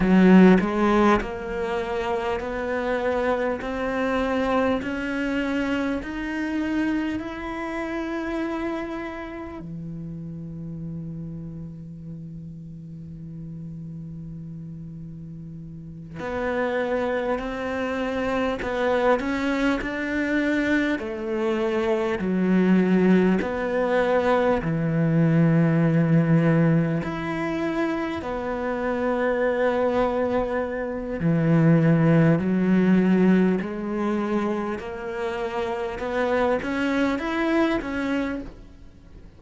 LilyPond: \new Staff \with { instrumentName = "cello" } { \time 4/4 \tempo 4 = 50 fis8 gis8 ais4 b4 c'4 | cis'4 dis'4 e'2 | e1~ | e4. b4 c'4 b8 |
cis'8 d'4 a4 fis4 b8~ | b8 e2 e'4 b8~ | b2 e4 fis4 | gis4 ais4 b8 cis'8 e'8 cis'8 | }